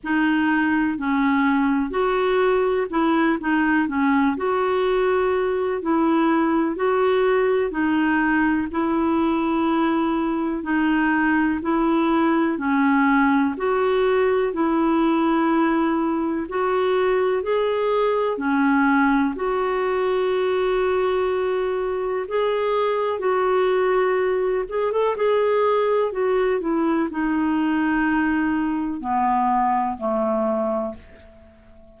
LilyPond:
\new Staff \with { instrumentName = "clarinet" } { \time 4/4 \tempo 4 = 62 dis'4 cis'4 fis'4 e'8 dis'8 | cis'8 fis'4. e'4 fis'4 | dis'4 e'2 dis'4 | e'4 cis'4 fis'4 e'4~ |
e'4 fis'4 gis'4 cis'4 | fis'2. gis'4 | fis'4. gis'16 a'16 gis'4 fis'8 e'8 | dis'2 b4 a4 | }